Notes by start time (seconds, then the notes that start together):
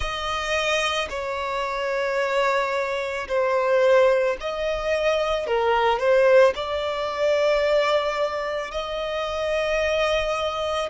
0.00 D#5
1.09 C#5
3.27 C5
4.40 D#5
5.46 A#4
5.99 C5
6.55 D5
8.71 D#5